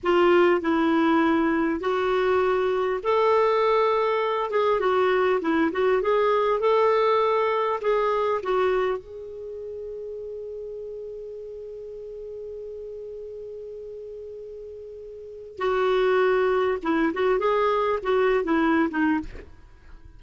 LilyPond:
\new Staff \with { instrumentName = "clarinet" } { \time 4/4 \tempo 4 = 100 f'4 e'2 fis'4~ | fis'4 a'2~ a'8 gis'8 | fis'4 e'8 fis'8 gis'4 a'4~ | a'4 gis'4 fis'4 gis'4~ |
gis'1~ | gis'1~ | gis'2 fis'2 | e'8 fis'8 gis'4 fis'8. e'8. dis'8 | }